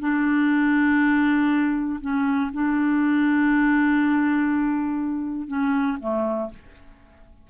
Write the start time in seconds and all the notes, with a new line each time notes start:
0.00 D4
2.01 C#4
2.53 D4
5.48 C#4
6.00 A3